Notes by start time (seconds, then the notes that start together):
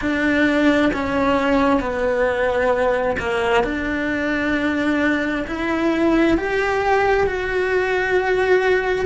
0.01 D4
0.93 C#4
1.80 B3
3.19 A#3
3.63 D4
5.47 E4
6.37 G4
7.26 F#4